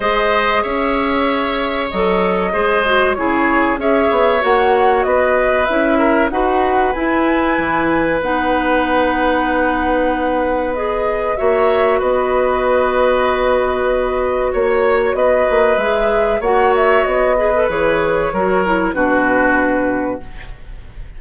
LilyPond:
<<
  \new Staff \with { instrumentName = "flute" } { \time 4/4 \tempo 4 = 95 dis''4 e''2 dis''4~ | dis''4 cis''4 e''4 fis''4 | dis''4 e''4 fis''4 gis''4~ | gis''4 fis''2.~ |
fis''4 dis''4 e''4 dis''4~ | dis''2. cis''4 | dis''4 e''4 fis''8 e''8 dis''4 | cis''2 b'2 | }
  \new Staff \with { instrumentName = "oboe" } { \time 4/4 c''4 cis''2. | c''4 gis'4 cis''2 | b'4. ais'8 b'2~ | b'1~ |
b'2 cis''4 b'4~ | b'2. cis''4 | b'2 cis''4. b'8~ | b'4 ais'4 fis'2 | }
  \new Staff \with { instrumentName = "clarinet" } { \time 4/4 gis'2. a'4 | gis'8 fis'8 e'4 gis'4 fis'4~ | fis'4 e'4 fis'4 e'4~ | e'4 dis'2.~ |
dis'4 gis'4 fis'2~ | fis'1~ | fis'4 gis'4 fis'4. gis'16 a'16 | gis'4 fis'8 e'8 d'2 | }
  \new Staff \with { instrumentName = "bassoon" } { \time 4/4 gis4 cis'2 fis4 | gis4 cis4 cis'8 b8 ais4 | b4 cis'4 dis'4 e'4 | e4 b2.~ |
b2 ais4 b4~ | b2. ais4 | b8 ais8 gis4 ais4 b4 | e4 fis4 b,2 | }
>>